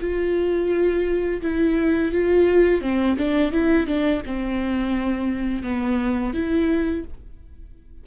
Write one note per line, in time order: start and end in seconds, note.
0.00 1.41 F4
1.41 2.11 E4
2.11 2.81 F4
2.81 3.16 C4
3.18 3.52 D4
3.52 3.86 E4
3.86 4.22 D4
4.25 5.62 C4
5.62 6.33 B3
6.33 7.04 E4